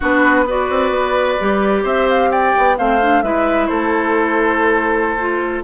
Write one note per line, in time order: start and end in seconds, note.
0.00 0.69 B3
0.00 0.47 D4
0.00 0.45 F#4
0.00 0.49 B4
0.46 1.39 F#4
0.46 1.83 B4
0.46 1.85 D5
0.69 0.90 C4
0.90 1.36 B3
1.39 1.84 G3
1.39 2.77 G4
1.83 2.53 C4
1.83 2.29 C5
1.83 2.08 E5
2.09 2.31 F5
2.31 2.77 D5
2.31 2.77 G5
2.57 2.78 B3
2.77 3.22 A3
2.77 3.01 C4
2.77 3.23 C5
2.77 3.23 F5
3.01 3.24 D4
3.22 3.68 G#3
3.22 5.19 E4
3.22 3.68 B4
3.22 3.66 E5
3.66 5.64 A3
3.66 5.64 A4
3.66 5.62 C5
5.19 5.64 F4